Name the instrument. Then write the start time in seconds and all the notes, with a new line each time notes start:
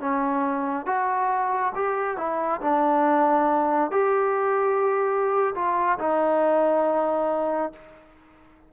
trombone
0.00 C#4
0.86 F#4
1.75 G4
2.17 E4
2.61 D4
3.91 G4
5.55 F4
5.99 D#4